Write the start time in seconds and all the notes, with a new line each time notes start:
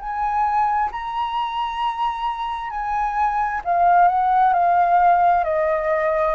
0.00 G#5
0.92 A#5
2.70 G#5
3.65 F5
4.08 F#5
4.53 F5
5.44 D#5